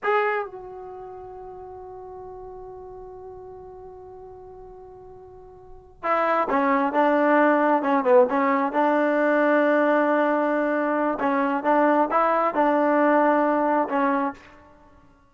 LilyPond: \new Staff \with { instrumentName = "trombone" } { \time 4/4 \tempo 4 = 134 gis'4 fis'2.~ | fis'1~ | fis'1~ | fis'4. e'4 cis'4 d'8~ |
d'4. cis'8 b8 cis'4 d'8~ | d'1~ | d'4 cis'4 d'4 e'4 | d'2. cis'4 | }